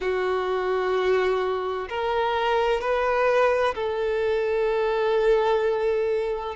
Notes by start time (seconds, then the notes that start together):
0.00 F#4
1.89 A#4
2.80 B4
3.75 A4